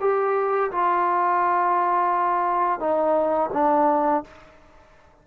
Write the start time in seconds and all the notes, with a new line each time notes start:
0.00 G4
0.71 F4
2.79 D#4
3.53 D4